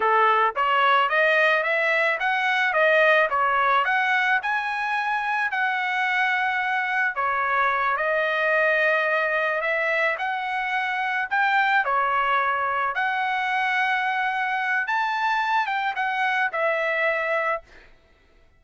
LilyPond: \new Staff \with { instrumentName = "trumpet" } { \time 4/4 \tempo 4 = 109 a'4 cis''4 dis''4 e''4 | fis''4 dis''4 cis''4 fis''4 | gis''2 fis''2~ | fis''4 cis''4. dis''4.~ |
dis''4. e''4 fis''4.~ | fis''8 g''4 cis''2 fis''8~ | fis''2. a''4~ | a''8 g''8 fis''4 e''2 | }